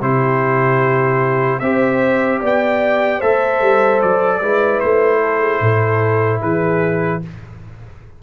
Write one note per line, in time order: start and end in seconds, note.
0.00 1.61 C3
0.00 1.61 E4
0.00 1.60 G4
0.00 1.59 C5
1.59 2.41 C4
1.59 3.21 G4
1.59 2.40 C5
1.59 2.39 E5
2.40 3.21 B3
2.40 3.18 D5
2.40 3.21 G5
3.18 3.61 A3
3.18 4.41 A4
3.18 4.38 C5
3.18 4.01 E5
3.61 4.01 G3
4.01 4.41 F#3
4.01 4.79 D5
4.39 4.81 G#3
4.39 7.22 E4
4.39 5.19 B4
4.79 5.60 A3
4.79 6.40 C5
5.22 5.40 A4
5.40 5.60 G#4
5.60 6.40 A2
5.60 6.41 A4
6.41 7.22 E3
6.41 7.21 G#4
6.41 7.22 B4